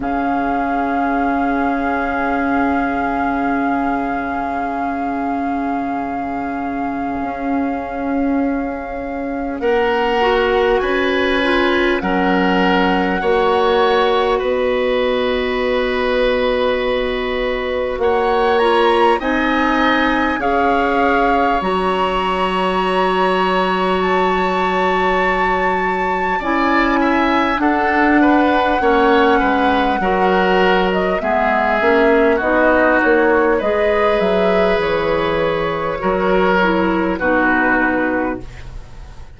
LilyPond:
<<
  \new Staff \with { instrumentName = "flute" } { \time 4/4 \tempo 4 = 50 f''1~ | f''1 | fis''4 gis''4 fis''2 | dis''2. fis''8 ais''8 |
gis''4 f''4 ais''2 | a''2 gis''4 fis''4~ | fis''4.~ fis''16 dis''16 e''4 dis''8 cis''8 | dis''8 e''8 cis''2 b'4 | }
  \new Staff \with { instrumentName = "oboe" } { \time 4/4 gis'1~ | gis'1 | ais'4 b'4 ais'4 cis''4 | b'2. cis''4 |
dis''4 cis''2.~ | cis''2 d''8 e''8 a'8 b'8 | cis''8 b'8 ais'4 gis'4 fis'4 | b'2 ais'4 fis'4 | }
  \new Staff \with { instrumentName = "clarinet" } { \time 4/4 cis'1~ | cis'1~ | cis'8 fis'4 f'8 cis'4 fis'4~ | fis'2.~ fis'8 f'8 |
dis'4 gis'4 fis'2~ | fis'2 e'4 d'4 | cis'4 fis'4 b8 cis'8 dis'4 | gis'2 fis'8 e'8 dis'4 | }
  \new Staff \with { instrumentName = "bassoon" } { \time 4/4 cis1~ | cis2 cis'2 | ais4 cis'4 fis4 ais4 | b2. ais4 |
c'4 cis'4 fis2~ | fis2 cis'4 d'4 | ais8 gis8 fis4 gis8 ais8 b8 ais8 | gis8 fis8 e4 fis4 b,4 | }
>>